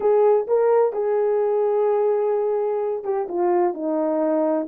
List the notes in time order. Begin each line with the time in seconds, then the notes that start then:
0.00 G#4
0.47 A#4
0.92 G#4
3.04 G4
3.28 F4
3.74 D#4